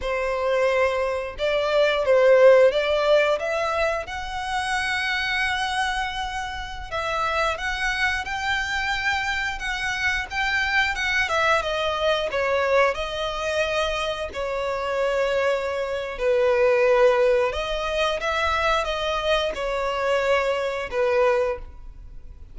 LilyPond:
\new Staff \with { instrumentName = "violin" } { \time 4/4 \tempo 4 = 89 c''2 d''4 c''4 | d''4 e''4 fis''2~ | fis''2~ fis''16 e''4 fis''8.~ | fis''16 g''2 fis''4 g''8.~ |
g''16 fis''8 e''8 dis''4 cis''4 dis''8.~ | dis''4~ dis''16 cis''2~ cis''8. | b'2 dis''4 e''4 | dis''4 cis''2 b'4 | }